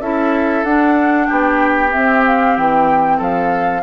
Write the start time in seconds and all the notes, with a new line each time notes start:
0.00 C#4 E4 A4 E5
0.64 D4 F#5
1.27 B3 G4 G5
1.89 C4 E5
2.26 F5
2.56 E3 G5
3.18 F3 A4 F5